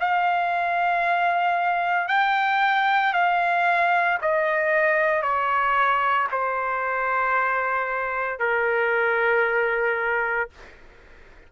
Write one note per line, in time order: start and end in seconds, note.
0.00 2.08 F5
2.08 3.13 G5
3.13 4.19 F5
4.22 5.22 D#5
5.22 6.28 C#5
6.32 8.39 C5
8.39 10.50 A#4